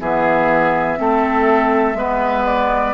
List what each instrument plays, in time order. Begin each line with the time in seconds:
0.00 bassoon E3, clarinet B3, oboe G#4, flute E5
0.97 bassoon A3, clarinet C4, oboe A4
1.95 bassoon G#3, clarinet B3, oboe B4
2.46 flute D5